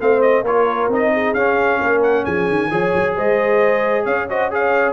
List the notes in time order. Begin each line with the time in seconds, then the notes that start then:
0.00 A3 C4 C5 F5
0.22 D#5
0.43 A#3 F4 A#4 C#5
0.88 C4 D#4 D#5
1.13 G#4
1.34 C#4 F5
1.81 A#3 A#4
2.03 F#5
2.24 F3 G#4 G#5
2.49 D#3
2.70 F3 G#4 C#5
2.94 F#3
3.15 G#3 C5 D#5
4.05 C#4 C#5 F5
4.29 F#4 C5 D#5
4.51 G#4 C#5 F5